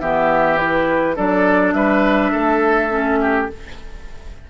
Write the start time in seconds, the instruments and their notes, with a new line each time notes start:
0.00 bassoon E3, clarinet B3, oboe G4, flute E5
0.56 clarinet E4, flute B4
1.16 bassoon F#3, clarinet D4, oboe A4, flute D5
1.72 bassoon G3, oboe B4, flute E5
2.31 bassoon A3, oboe A4
2.89 clarinet C#4
3.21 oboe G4